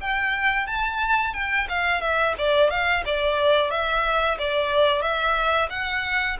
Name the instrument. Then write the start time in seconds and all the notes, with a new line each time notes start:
violin
0.00 G5
0.66 A5
1.34 G5
1.69 F5
2.01 E5
2.38 D5
2.70 F5
3.05 D5
3.70 E5
4.38 D5
5.01 E5
5.70 F#5